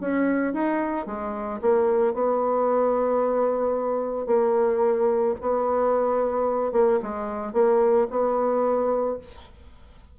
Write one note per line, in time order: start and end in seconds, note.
0.00 0.53 C#4
0.53 1.06 D#4
1.06 1.60 G#3
1.61 2.14 A#3
2.14 4.26 B3
4.26 5.34 A#3
5.41 6.72 B3
6.72 6.99 A#3
7.02 7.53 G#3
7.53 8.07 A#3
8.10 9.18 B3